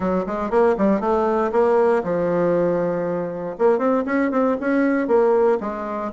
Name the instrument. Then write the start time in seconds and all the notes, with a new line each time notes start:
bassoon
0.00 F#3
0.26 G#3
0.50 A#3
0.77 G3
1.00 A3
1.52 A#3
2.03 F3
3.58 A#3
3.78 C4
4.05 C#4
4.31 C4
4.60 C#4
5.07 A#3
5.60 G#3